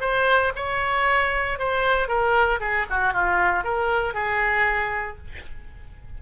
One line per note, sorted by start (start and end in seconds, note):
0.00 0.52 C5
0.55 1.58 C#5
1.58 2.07 C5
2.07 2.59 A#4
2.60 2.86 G#4
2.89 3.13 F#4
3.13 3.64 F4
3.64 4.14 A#4
4.14 5.17 G#4